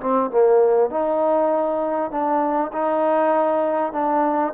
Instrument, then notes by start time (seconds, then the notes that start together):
trombone
0.00 C4
0.30 A#3
0.90 D#4
2.11 D4
2.72 D#4
3.93 D4